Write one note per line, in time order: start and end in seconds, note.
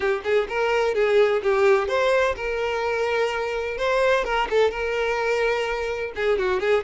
0.00 0.21 G4
0.24 0.47 G#4
0.48 0.94 A#4
0.94 1.42 G#4
1.42 1.88 G4
1.88 2.35 C5
2.36 3.77 A#4
3.77 4.24 C5
4.24 4.48 A#4
4.50 4.70 A4
4.70 6.12 A#4
6.15 6.38 G#4
6.38 6.59 F#4
6.59 6.83 G#4